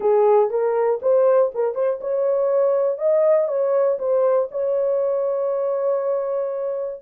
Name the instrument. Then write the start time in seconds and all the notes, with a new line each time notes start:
horn
0.00 G#4
0.50 A#4
1.01 C5
1.54 A#4
1.74 C5
2.00 C#5
2.97 D#5
3.48 C#5
3.98 C5
4.51 C#5